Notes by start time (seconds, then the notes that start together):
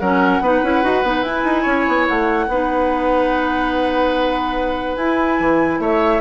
0.00 F#3 C#4 A#4 F#5
0.41 B3 D#4 B4
0.63 C#4 E4
0.84 D#4 F#4
1.04 B3 D#4
1.22 E4 G#5
1.45 D#4
1.63 C#4 C#5
1.88 B3
2.08 A3 F#5
2.48 B3 D#4 B4
4.97 E4 G#5
5.40 E3
5.79 A3 C#5 E5